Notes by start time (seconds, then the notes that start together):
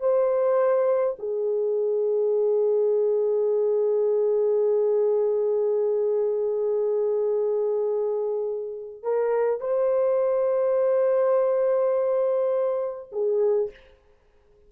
0.00 C5
1.19 G#4
9.03 A#4
9.60 C5
13.12 G#4